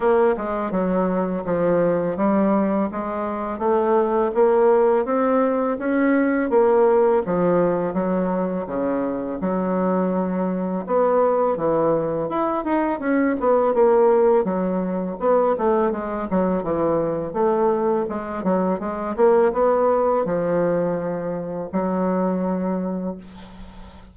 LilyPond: \new Staff \with { instrumentName = "bassoon" } { \time 4/4 \tempo 4 = 83 ais8 gis8 fis4 f4 g4 | gis4 a4 ais4 c'4 | cis'4 ais4 f4 fis4 | cis4 fis2 b4 |
e4 e'8 dis'8 cis'8 b8 ais4 | fis4 b8 a8 gis8 fis8 e4 | a4 gis8 fis8 gis8 ais8 b4 | f2 fis2 | }